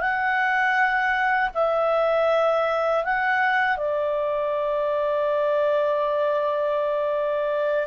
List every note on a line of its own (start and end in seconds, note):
0.00 1.50 F#5
1.54 3.04 E5
3.04 3.77 F#5
3.77 7.88 D5